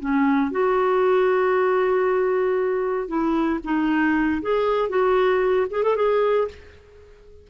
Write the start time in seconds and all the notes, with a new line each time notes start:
0.00 C#4
0.51 F#4
3.08 E4
3.64 D#4
4.42 G#4
4.89 F#4
5.70 G#4
5.83 A4
5.96 G#4